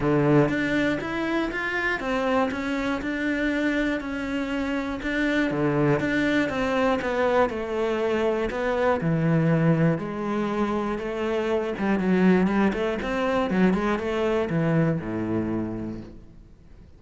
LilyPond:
\new Staff \with { instrumentName = "cello" } { \time 4/4 \tempo 4 = 120 d4 d'4 e'4 f'4 | c'4 cis'4 d'2 | cis'2 d'4 d4 | d'4 c'4 b4 a4~ |
a4 b4 e2 | gis2 a4. g8 | fis4 g8 a8 c'4 fis8 gis8 | a4 e4 a,2 | }